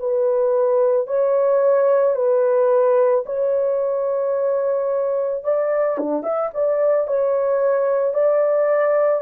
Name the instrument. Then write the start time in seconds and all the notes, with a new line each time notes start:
horn
0.00 B4
1.08 C#5
2.16 B4
3.26 C#5
5.44 D5
5.98 D4
6.23 E5
6.55 D5
7.08 C#5
8.14 D5